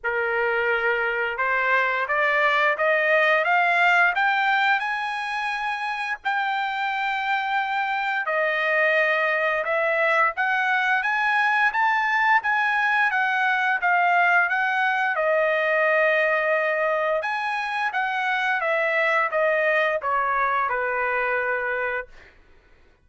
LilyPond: \new Staff \with { instrumentName = "trumpet" } { \time 4/4 \tempo 4 = 87 ais'2 c''4 d''4 | dis''4 f''4 g''4 gis''4~ | gis''4 g''2. | dis''2 e''4 fis''4 |
gis''4 a''4 gis''4 fis''4 | f''4 fis''4 dis''2~ | dis''4 gis''4 fis''4 e''4 | dis''4 cis''4 b'2 | }